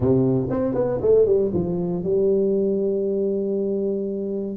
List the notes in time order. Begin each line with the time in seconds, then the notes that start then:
0.00 C3
0.49 C4
0.74 B3
1.01 A3
1.26 G3
1.53 F3
2.03 G3